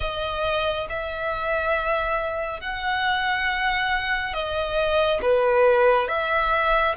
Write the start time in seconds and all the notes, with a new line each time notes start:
0.00 D#5
0.89 E5
2.60 F#5
4.33 D#5
5.21 B4
6.08 E5